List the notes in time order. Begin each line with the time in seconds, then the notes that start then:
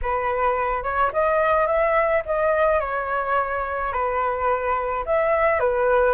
0.02 B4
0.83 C#5
1.12 D#5
1.66 E5
2.25 D#5
2.80 C#5
3.92 B4
5.05 E5
5.59 B4